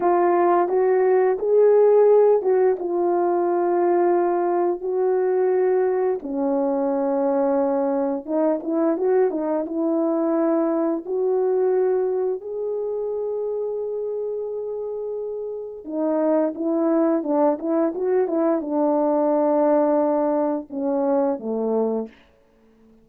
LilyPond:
\new Staff \with { instrumentName = "horn" } { \time 4/4 \tempo 4 = 87 f'4 fis'4 gis'4. fis'8 | f'2. fis'4~ | fis'4 cis'2. | dis'8 e'8 fis'8 dis'8 e'2 |
fis'2 gis'2~ | gis'2. dis'4 | e'4 d'8 e'8 fis'8 e'8 d'4~ | d'2 cis'4 a4 | }